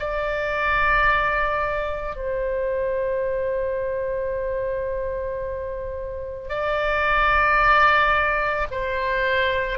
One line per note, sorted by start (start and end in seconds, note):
0.00 2.17 D5
2.17 6.50 C5
6.50 8.68 D5
8.72 9.79 C5